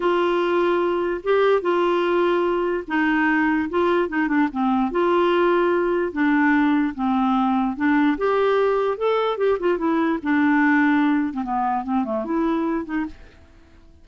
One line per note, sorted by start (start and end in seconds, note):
0.00 1.21 F4
1.23 1.61 G4
1.61 2.84 F4
2.87 3.69 D#4
3.69 4.08 F4
4.08 4.28 D#4
4.28 4.48 D4
4.52 4.91 C4
4.91 6.12 F4
6.12 6.94 D4
6.94 7.76 C4
7.76 8.17 D4
8.17 8.97 G4
8.97 9.37 A4
9.37 9.58 G4
9.59 9.78 F4
9.78 10.18 E4
10.22 11.33 D4
11.33 11.43 C4
11.43 11.83 B3
11.83 12.04 C4
12.04 12.24 A3
12.24 12.85 E4
12.85 13.05 D#4